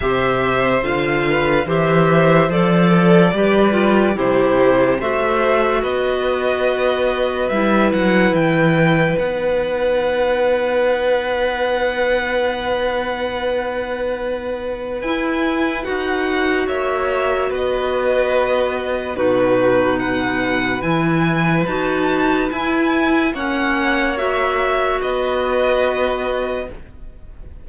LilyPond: <<
  \new Staff \with { instrumentName = "violin" } { \time 4/4 \tempo 4 = 72 e''4 f''4 e''4 d''4~ | d''4 c''4 e''4 dis''4~ | dis''4 e''8 fis''8 g''4 fis''4~ | fis''1~ |
fis''2 gis''4 fis''4 | e''4 dis''2 b'4 | fis''4 gis''4 a''4 gis''4 | fis''4 e''4 dis''2 | }
  \new Staff \with { instrumentName = "violin" } { \time 4/4 c''4. b'8 c''4. a'8 | b'4 g'4 c''4 b'4~ | b'1~ | b'1~ |
b'1 | cis''4 b'2 fis'4 | b'1 | cis''2 b'2 | }
  \new Staff \with { instrumentName = "clarinet" } { \time 4/4 g'4 f'4 g'4 a'4 | g'8 f'8 e'4 fis'2~ | fis'4 e'2 dis'4~ | dis'1~ |
dis'2 e'4 fis'4~ | fis'2. dis'4~ | dis'4 e'4 fis'4 e'4 | cis'4 fis'2. | }
  \new Staff \with { instrumentName = "cello" } { \time 4/4 c4 d4 e4 f4 | g4 c4 a4 b4~ | b4 g8 fis8 e4 b4~ | b1~ |
b2 e'4 dis'4 | ais4 b2 b,4~ | b,4 e4 dis'4 e'4 | ais2 b2 | }
>>